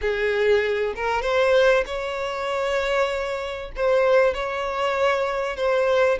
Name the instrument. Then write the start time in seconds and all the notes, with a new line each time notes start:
violin
0.01 G#4
0.95 A#4
1.22 C5
1.86 C#5
3.76 C5
4.34 C#5
5.56 C5